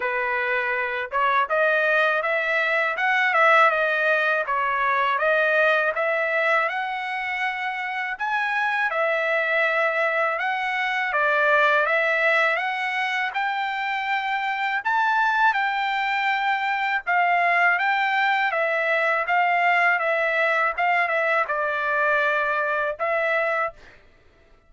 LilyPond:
\new Staff \with { instrumentName = "trumpet" } { \time 4/4 \tempo 4 = 81 b'4. cis''8 dis''4 e''4 | fis''8 e''8 dis''4 cis''4 dis''4 | e''4 fis''2 gis''4 | e''2 fis''4 d''4 |
e''4 fis''4 g''2 | a''4 g''2 f''4 | g''4 e''4 f''4 e''4 | f''8 e''8 d''2 e''4 | }